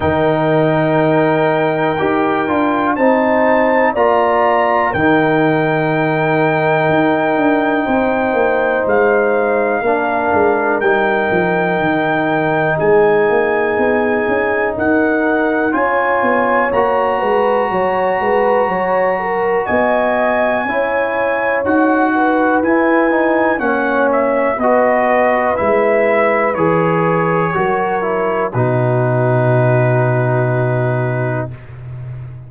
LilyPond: <<
  \new Staff \with { instrumentName = "trumpet" } { \time 4/4 \tempo 4 = 61 g''2. a''4 | ais''4 g''2.~ | g''4 f''2 g''4~ | g''4 gis''2 fis''4 |
gis''4 ais''2. | gis''2 fis''4 gis''4 | fis''8 e''8 dis''4 e''4 cis''4~ | cis''4 b'2. | }
  \new Staff \with { instrumentName = "horn" } { \time 4/4 ais'2. c''4 | d''4 ais'2. | c''2 ais'2~ | ais'4 gis'2 ais'4 |
cis''4. b'8 cis''8 b'8 cis''8 ais'8 | dis''4 cis''4. b'4. | cis''4 b'2. | ais'4 fis'2. | }
  \new Staff \with { instrumentName = "trombone" } { \time 4/4 dis'2 g'8 f'8 dis'4 | f'4 dis'2.~ | dis'2 d'4 dis'4~ | dis'1 |
f'4 fis'2.~ | fis'4 e'4 fis'4 e'8 dis'8 | cis'4 fis'4 e'4 gis'4 | fis'8 e'8 dis'2. | }
  \new Staff \with { instrumentName = "tuba" } { \time 4/4 dis2 dis'8 d'8 c'4 | ais4 dis2 dis'8 d'8 | c'8 ais8 gis4 ais8 gis8 g8 f8 | dis4 gis8 ais8 b8 cis'8 dis'4 |
cis'8 b8 ais8 gis8 fis8 gis8 fis4 | b4 cis'4 dis'4 e'4 | ais4 b4 gis4 e4 | fis4 b,2. | }
>>